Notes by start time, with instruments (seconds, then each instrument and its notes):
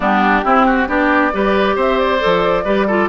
0.00 bassoon G3, clarinet B3, oboe D4, flute G4
0.44 clarinet C4, bassoon C4, oboe E4
0.66 oboe F#4
0.87 bassoon B3, clarinet D4, oboe G4, flute D5
1.33 bassoon G3, clarinet G4, oboe B4
1.75 bassoon C4, oboe C5, flute E5
1.98 flute D5
2.19 bassoon F3, clarinet A4
2.64 bassoon G3, clarinet G4, oboe B4
2.87 clarinet F4, oboe A4